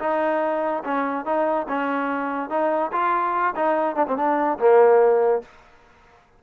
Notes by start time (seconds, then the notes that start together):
0.00 D#4
0.84 C#4
1.26 D#4
1.69 C#4
2.50 D#4
2.92 F4
3.56 D#4
3.96 D4
4.07 C4
4.17 D4
4.59 A#3